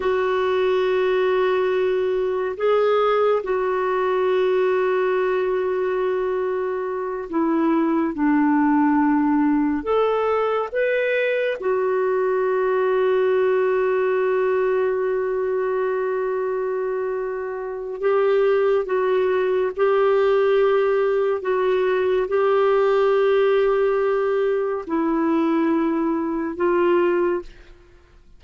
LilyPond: \new Staff \with { instrumentName = "clarinet" } { \time 4/4 \tempo 4 = 70 fis'2. gis'4 | fis'1~ | fis'8 e'4 d'2 a'8~ | a'8 b'4 fis'2~ fis'8~ |
fis'1~ | fis'4 g'4 fis'4 g'4~ | g'4 fis'4 g'2~ | g'4 e'2 f'4 | }